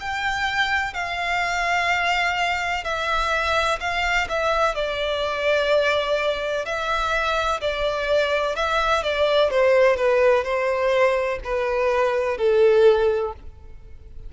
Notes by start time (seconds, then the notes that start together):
0.00 G5
0.94 F5
2.84 E5
3.80 F5
4.29 E5
4.75 D5
6.65 E5
7.61 D5
8.55 E5
9.03 D5
9.50 C5
9.96 B4
10.44 C5
11.44 B4
12.38 A4